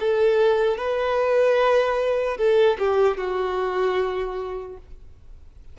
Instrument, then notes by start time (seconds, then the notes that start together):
violin
0.00 A4
0.77 B4
2.37 A4
2.79 G4
3.17 F#4